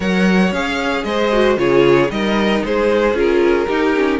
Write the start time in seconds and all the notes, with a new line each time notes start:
0.00 F#3 A#4 C#5 F#5
0.52 C#4 G#4 F5
1.04 G#3 C5 D#5
1.32 F#4
1.57 C#3 F4 G#4 C#5
2.08 G3 D#4 A#4 D#5
2.64 G#3 G#4 C5
3.13 C#4 F4 A#4
3.67 D#4 G4
3.95 C#4